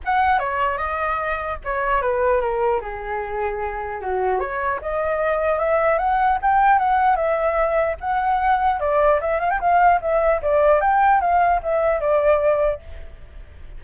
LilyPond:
\new Staff \with { instrumentName = "flute" } { \time 4/4 \tempo 4 = 150 fis''4 cis''4 dis''2 | cis''4 b'4 ais'4 gis'4~ | gis'2 fis'4 cis''4 | dis''2 e''4 fis''4 |
g''4 fis''4 e''2 | fis''2 d''4 e''8 f''16 g''16 | f''4 e''4 d''4 g''4 | f''4 e''4 d''2 | }